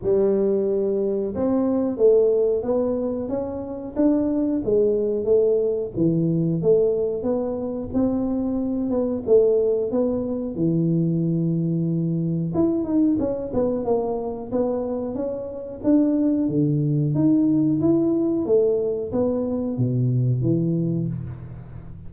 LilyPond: \new Staff \with { instrumentName = "tuba" } { \time 4/4 \tempo 4 = 91 g2 c'4 a4 | b4 cis'4 d'4 gis4 | a4 e4 a4 b4 | c'4. b8 a4 b4 |
e2. e'8 dis'8 | cis'8 b8 ais4 b4 cis'4 | d'4 d4 dis'4 e'4 | a4 b4 b,4 e4 | }